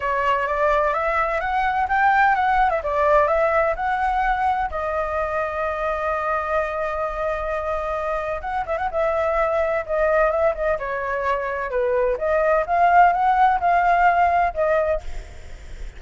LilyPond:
\new Staff \with { instrumentName = "flute" } { \time 4/4 \tempo 4 = 128 cis''4 d''4 e''4 fis''4 | g''4 fis''8. e''16 d''4 e''4 | fis''2 dis''2~ | dis''1~ |
dis''2 fis''8 e''16 fis''16 e''4~ | e''4 dis''4 e''8 dis''8 cis''4~ | cis''4 b'4 dis''4 f''4 | fis''4 f''2 dis''4 | }